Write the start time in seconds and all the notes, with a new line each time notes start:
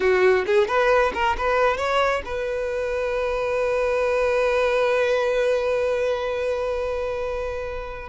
0.00 F#4
0.46 G#4
0.67 B4
1.13 A#4
1.37 B4
1.77 C#5
2.25 B4